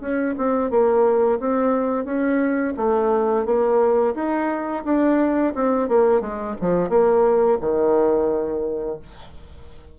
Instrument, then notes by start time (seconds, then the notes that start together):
bassoon
0.00 C#4
0.37 C4
0.70 A#3
1.39 C4
2.04 C#4
2.76 A3
3.45 A#3
4.14 D#4
4.84 D4
5.54 C4
5.88 A#3
6.20 G#3
6.60 F3
6.89 A#3
7.61 D#3